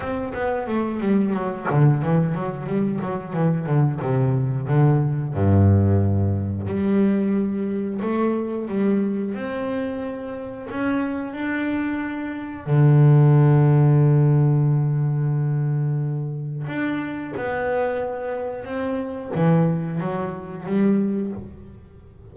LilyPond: \new Staff \with { instrumentName = "double bass" } { \time 4/4 \tempo 4 = 90 c'8 b8 a8 g8 fis8 d8 e8 fis8 | g8 fis8 e8 d8 c4 d4 | g,2 g2 | a4 g4 c'2 |
cis'4 d'2 d4~ | d1~ | d4 d'4 b2 | c'4 e4 fis4 g4 | }